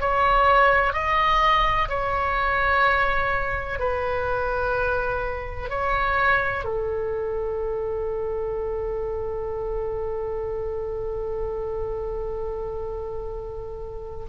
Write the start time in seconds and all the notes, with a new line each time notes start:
0.00 C#5
0.94 D#5
1.89 C#5
3.79 B4
5.70 C#5
6.65 A4